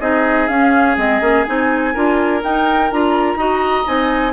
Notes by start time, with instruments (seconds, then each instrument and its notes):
0.00 bassoon C4, clarinet D#4, oboe G#4, flute D#5
0.48 bassoon C#4, clarinet C#4, flute F5
0.97 bassoon G#3, clarinet C4, flute D#5
1.20 bassoon A#3, clarinet C#4
1.44 bassoon C4, clarinet D#4, flute G#5
1.94 bassoon D4, clarinet F4, oboe A#4
2.41 clarinet D#4, bassoon D#4, flute G5
2.91 bassoon D4, clarinet F4, flute A#5
3.35 bassoon D#4, clarinet F#4, oboe D#5
3.85 bassoon C4, clarinet D#4, flute G#5